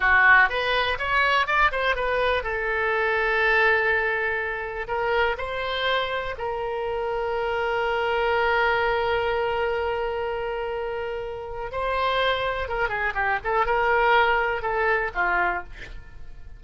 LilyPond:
\new Staff \with { instrumentName = "oboe" } { \time 4/4 \tempo 4 = 123 fis'4 b'4 cis''4 d''8 c''8 | b'4 a'2.~ | a'2 ais'4 c''4~ | c''4 ais'2.~ |
ais'1~ | ais'1 | c''2 ais'8 gis'8 g'8 a'8 | ais'2 a'4 f'4 | }